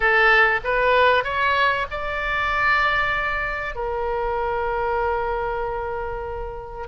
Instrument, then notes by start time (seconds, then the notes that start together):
oboe
0.00 A4
0.64 B4
1.24 C#5
1.90 D5
3.75 A#4